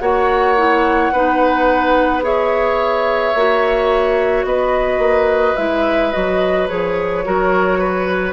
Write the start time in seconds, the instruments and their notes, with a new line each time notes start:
0.00 bassoon A#3, clarinet F#4, oboe C#5, flute F#5
0.57 clarinet E4
1.12 bassoon B3, clarinet D#4, oboe B4
2.23 clarinet G#4, oboe C#5, flute E5
3.35 bassoon A#3, clarinet F#4
4.45 bassoon B3, oboe B4, flute D#5
4.99 bassoon A#3
5.57 bassoon G#3, clarinet E4, flute E5
6.12 bassoon F#3, clarinet F#4, flute D#5
6.69 bassoon F3, clarinet G#4, flute C#5
7.25 bassoon F#3, clarinet F#4, oboe A#4
7.79 oboe B4